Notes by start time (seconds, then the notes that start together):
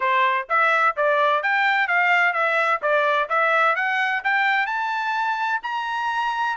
0.00 C5
0.49 E5
0.96 D5
1.43 G5
1.87 F5
2.33 E5
2.81 D5
3.29 E5
3.75 F#5
4.24 G5
4.66 A5
5.62 A#5